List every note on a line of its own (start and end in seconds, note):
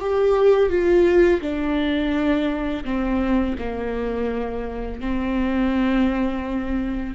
0.00 0.69 G4
0.69 1.41 F4
1.41 2.84 D4
2.84 3.56 C4
3.58 5.00 A#3
5.00 7.14 C4